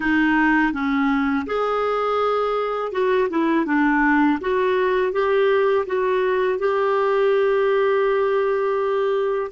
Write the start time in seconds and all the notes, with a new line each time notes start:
0.00 D#4
0.73 C#4
1.46 G#4
2.91 F#4
3.29 E4
3.65 D4
4.40 F#4
5.12 G4
5.86 F#4
6.58 G4